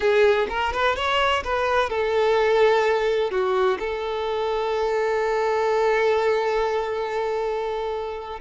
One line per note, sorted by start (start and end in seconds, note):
0.00 0.47 G#4
0.49 0.72 A#4
0.72 0.96 B4
0.96 1.43 C#5
1.44 1.89 B4
1.89 3.30 A4
3.30 3.78 F#4
3.79 8.39 A4